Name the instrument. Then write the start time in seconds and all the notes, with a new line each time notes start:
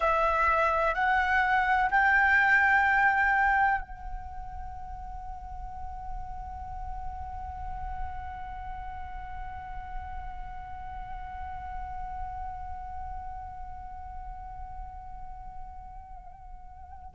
flute
0.00 E5
0.94 F#5
1.90 G5
3.81 F#5